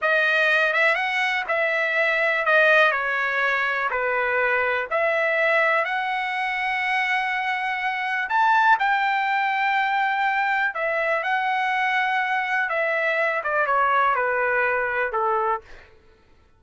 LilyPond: \new Staff \with { instrumentName = "trumpet" } { \time 4/4 \tempo 4 = 123 dis''4. e''8 fis''4 e''4~ | e''4 dis''4 cis''2 | b'2 e''2 | fis''1~ |
fis''4 a''4 g''2~ | g''2 e''4 fis''4~ | fis''2 e''4. d''8 | cis''4 b'2 a'4 | }